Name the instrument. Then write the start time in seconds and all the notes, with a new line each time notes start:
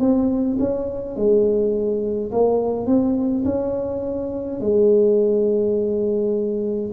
tuba
0.00 C4
0.59 C#4
1.16 G#3
2.32 A#3
2.87 C4
3.45 C#4
4.60 G#3